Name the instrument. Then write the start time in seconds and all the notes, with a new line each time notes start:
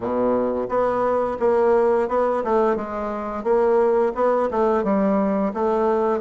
bassoon
0.00 B2
0.68 B3
1.39 A#3
2.08 B3
2.44 A3
2.76 G#3
3.43 A#3
4.14 B3
4.50 A3
4.83 G3
5.53 A3